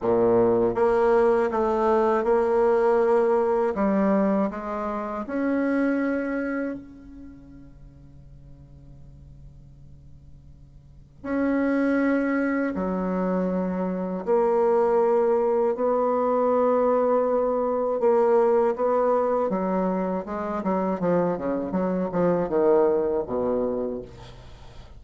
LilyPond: \new Staff \with { instrumentName = "bassoon" } { \time 4/4 \tempo 4 = 80 ais,4 ais4 a4 ais4~ | ais4 g4 gis4 cis'4~ | cis'4 cis2.~ | cis2. cis'4~ |
cis'4 fis2 ais4~ | ais4 b2. | ais4 b4 fis4 gis8 fis8 | f8 cis8 fis8 f8 dis4 b,4 | }